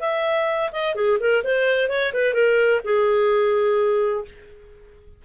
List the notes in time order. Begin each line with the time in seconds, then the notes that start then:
0.00 E5
0.72 D#5
0.95 G#4
1.20 A#4
1.44 C5
1.89 C#5
2.13 B4
2.33 A#4
2.84 G#4